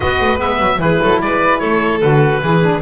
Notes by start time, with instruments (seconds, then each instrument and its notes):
0.00 double bass B3, saxophone F#4, violin B4, oboe D#5
0.20 double bass A3
0.37 double bass G#3, saxophone B3, oboe E5
0.59 double bass F#3
0.78 double bass E3, saxophone E4, violin G#4, oboe B4
1.02 double bass F#3, violin A4
1.20 double bass G#3, violin B4, oboe D5
1.59 double bass A3, violin A4, oboe C#5
2.01 double bass D3, saxophone F#4, oboe B4
2.42 double bass E3, saxophone E4, violin G#4
2.61 saxophone D4